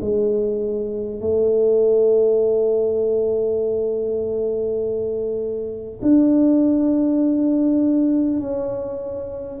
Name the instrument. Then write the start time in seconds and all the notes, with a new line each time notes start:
tuba
0.00 G#3
1.20 A3
6.02 D4
8.40 C#4